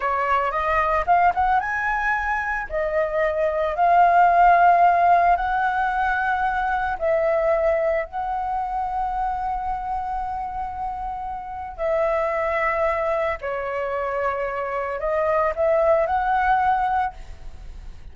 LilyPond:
\new Staff \with { instrumentName = "flute" } { \time 4/4 \tempo 4 = 112 cis''4 dis''4 f''8 fis''8 gis''4~ | gis''4 dis''2 f''4~ | f''2 fis''2~ | fis''4 e''2 fis''4~ |
fis''1~ | fis''2 e''2~ | e''4 cis''2. | dis''4 e''4 fis''2 | }